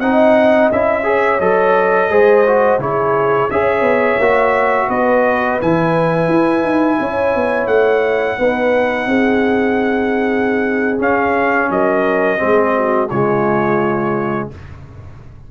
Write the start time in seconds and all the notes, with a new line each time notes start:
0.00 C4 D#4 D#5 F#5
0.72 C#4 E4 E5
1.04 G#4 C#5
1.40 F#3 A4 D#5
2.10 G#3 G#4 C5
2.47 F#4
2.78 C#3 E4 G#4 C#5
3.50 C#4 G#4 C#5 E5
3.81 B3
4.18 A#3 F#4
4.87 B3 B4 D#5
5.61 E3 E4 G#5
6.28 E4
6.63 D#4
7.00 C#4 C#5
7.35 B3
7.67 A3 F#5
8.39 B3 D#4 B4
9.07 C4 G#4
10.99 C#4 F5
11.70 F#3 A#4 D#5
12.38 G#3 C4 G#4
12.75 F#4
13.09 C#3 G#3 F4 C#5